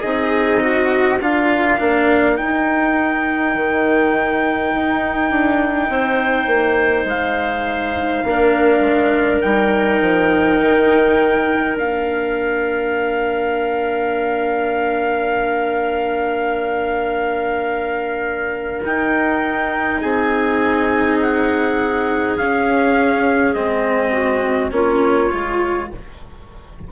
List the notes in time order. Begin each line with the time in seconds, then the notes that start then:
0.00 C4 D#4 G#4 D#5
0.60 F#4
1.19 D4 F4 A#4 F5
1.77 A#3 D4
2.35 D#4 G5
3.54 D#3
4.75 D#4
5.30 D4
5.88 C4 C5
6.46 A#3
7.04 G#3 F5
8.24 A#3 D4 A#4
8.80 G#3
9.41 G3 D#4 G5
10.00 F3
10.60 D#3
11.75 A#3 D4 F5
18.84 D#4 G5
20.00 C4 G#4 G#5
21.21 F#5
22.37 C#4 F5
23.53 G#3 C4 D#5
24.12 F#4
24.71 A#3 C#4 F4 C#5
25.30 G#3 F4